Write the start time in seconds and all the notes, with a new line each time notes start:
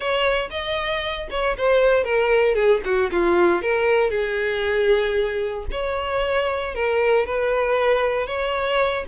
0.00 C#5
0.50 D#5
1.30 C#5
1.57 C5
2.04 A#4
2.54 G#4
2.84 F#4
3.11 F4
3.62 A#4
4.10 G#4
5.71 C#5
6.74 A#4
7.26 B4
8.26 C#5